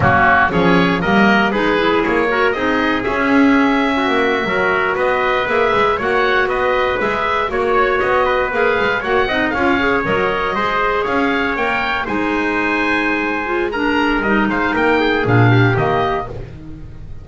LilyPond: <<
  \new Staff \with { instrumentName = "oboe" } { \time 4/4 \tempo 4 = 118 fis'4 cis''4 dis''4 b'4 | cis''4 dis''4 e''2~ | e''4.~ e''16 dis''4 e''4 fis''16~ | fis''8. dis''4 e''4 cis''4 dis''16~ |
dis''8. f''4 fis''4 f''4 dis''16~ | dis''4.~ dis''16 f''4 g''4 gis''16~ | gis''2. ais''4 | dis''8 f''8 g''4 f''4 dis''4 | }
  \new Staff \with { instrumentName = "trumpet" } { \time 4/4 cis'4 gis'4 ais'4 gis'4~ | gis'8 ais'8 gis'2~ gis'8. fis'16~ | fis'8. ais'4 b'2 cis''16~ | cis''8. b'2 cis''4~ cis''16~ |
cis''16 b'4. cis''8 dis''8 cis''4~ cis''16~ | cis''8. c''4 cis''2 c''16~ | c''2. ais'4~ | ais'8 c''8 ais'8 gis'4 g'4. | }
  \new Staff \with { instrumentName = "clarinet" } { \time 4/4 ais4 cis'4 ais4 dis'8 e'8~ | e'8 fis'8 dis'4 cis'2~ | cis'8. fis'2 gis'4 fis'16~ | fis'4.~ fis'16 gis'4 fis'4~ fis'16~ |
fis'8. gis'4 fis'8 dis'8 f'8 gis'8 ais'16~ | ais'8. gis'2 ais'4 dis'16~ | dis'2~ dis'8 f'8 d'4 | dis'2 d'4 ais4 | }
  \new Staff \with { instrumentName = "double bass" } { \time 4/4 fis4 f4 g4 gis4 | ais4 c'4 cis'2 | ais8. fis4 b4 ais8 gis8 ais16~ | ais8. b4 gis4 ais4 b16~ |
b8. ais8 gis8 ais8 c'8 cis'4 fis16~ | fis8. gis4 cis'4 ais4 gis16~ | gis1 | g8 gis8 ais4 ais,4 dis4 | }
>>